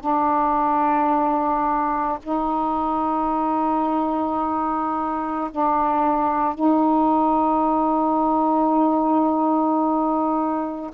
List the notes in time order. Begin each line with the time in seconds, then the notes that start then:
0.00 D4
2.23 D#4
5.51 D4
6.55 D#4